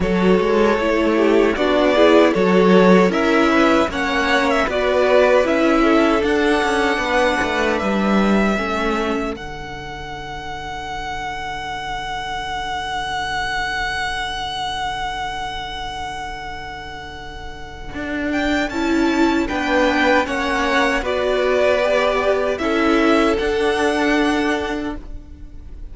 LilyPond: <<
  \new Staff \with { instrumentName = "violin" } { \time 4/4 \tempo 4 = 77 cis''2 d''4 cis''4 | e''4 fis''8. e''16 d''4 e''4 | fis''2 e''2 | fis''1~ |
fis''1~ | fis''2.~ fis''8 g''8 | a''4 g''4 fis''4 d''4~ | d''4 e''4 fis''2 | }
  \new Staff \with { instrumentName = "violin" } { \time 4/4 a'4. g'8 fis'8 gis'8 a'4 | ais'8 b'8 cis''4 b'4. a'8~ | a'4 b'2 a'4~ | a'1~ |
a'1~ | a'1~ | a'4 b'4 cis''4 b'4~ | b'4 a'2. | }
  \new Staff \with { instrumentName = "viola" } { \time 4/4 fis'4 e'4 d'8 e'8 fis'4 | e'4 cis'4 fis'4 e'4 | d'2. cis'4 | d'1~ |
d'1~ | d'1 | e'4 d'4 cis'4 fis'4 | g'4 e'4 d'2 | }
  \new Staff \with { instrumentName = "cello" } { \time 4/4 fis8 gis8 a4 b4 fis4 | cis'4 ais4 b4 cis'4 | d'8 cis'8 b8 a8 g4 a4 | d1~ |
d1~ | d2. d'4 | cis'4 b4 ais4 b4~ | b4 cis'4 d'2 | }
>>